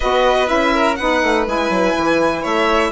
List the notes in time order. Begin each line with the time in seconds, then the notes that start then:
0.00 B3 F#4 B4 D#5
0.46 C#4 E4 E5
0.73 A#4
0.95 B3 D#4 B4 F#5
1.22 A3
1.46 G#3 E4 G#5
1.69 F#3
1.97 E3
2.41 A3 C#5 E5